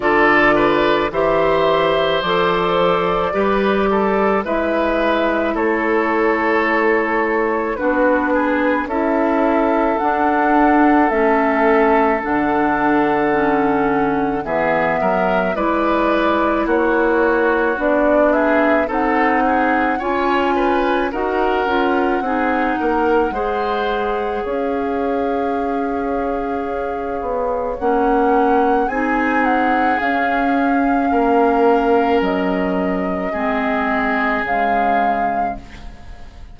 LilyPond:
<<
  \new Staff \with { instrumentName = "flute" } { \time 4/4 \tempo 4 = 54 d''4 e''4 d''2 | e''4 cis''2 b'4 | e''4 fis''4 e''4 fis''4~ | fis''4 e''4 d''4 cis''4 |
d''8 e''8 fis''4 gis''4 fis''4~ | fis''2 f''2~ | f''4 fis''4 gis''8 fis''8 f''4~ | f''4 dis''2 f''4 | }
  \new Staff \with { instrumentName = "oboe" } { \time 4/4 a'8 b'8 c''2 b'8 a'8 | b'4 a'2 fis'8 gis'8 | a'1~ | a'4 gis'8 ais'8 b'4 fis'4~ |
fis'8 gis'8 a'8 gis'8 cis''8 b'8 ais'4 | gis'8 ais'8 c''4 cis''2~ | cis''2 gis'2 | ais'2 gis'2 | }
  \new Staff \with { instrumentName = "clarinet" } { \time 4/4 f'4 g'4 a'4 g'4 | e'2. d'4 | e'4 d'4 cis'4 d'4 | cis'4 b4 e'2 |
d'4 dis'4 f'4 fis'8 f'8 | dis'4 gis'2.~ | gis'4 cis'4 dis'4 cis'4~ | cis'2 c'4 gis4 | }
  \new Staff \with { instrumentName = "bassoon" } { \time 4/4 d4 e4 f4 g4 | gis4 a2 b4 | cis'4 d'4 a4 d4~ | d4 e8 fis8 gis4 ais4 |
b4 c'4 cis'4 dis'8 cis'8 | c'8 ais8 gis4 cis'2~ | cis'8 b8 ais4 c'4 cis'4 | ais4 fis4 gis4 cis4 | }
>>